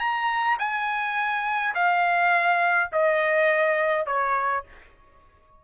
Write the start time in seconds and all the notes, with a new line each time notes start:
0.00 A#5
0.59 G#5
1.75 F5
2.93 D#5
4.06 C#5